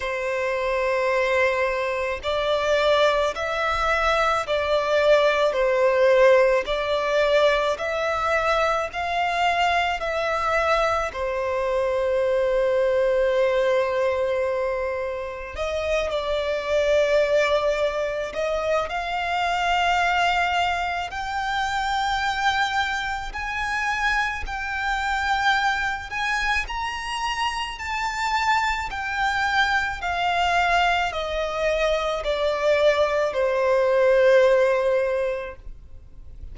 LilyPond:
\new Staff \with { instrumentName = "violin" } { \time 4/4 \tempo 4 = 54 c''2 d''4 e''4 | d''4 c''4 d''4 e''4 | f''4 e''4 c''2~ | c''2 dis''8 d''4.~ |
d''8 dis''8 f''2 g''4~ | g''4 gis''4 g''4. gis''8 | ais''4 a''4 g''4 f''4 | dis''4 d''4 c''2 | }